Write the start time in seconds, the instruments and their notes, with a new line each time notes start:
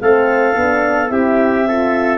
0.00 tuba A3, horn C4, trumpet A4, clarinet F5
0.55 tuba B3, horn D4
1.08 tuba C4, horn E4, trumpet G4, clarinet E5
1.68 horn F4, trumpet A4